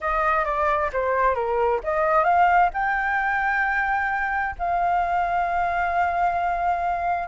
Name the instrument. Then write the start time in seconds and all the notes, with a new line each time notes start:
flute
0.00 D#5
0.44 D5
0.92 C5
1.34 A#4
1.83 D#5
2.24 F5
2.73 G5
4.58 F5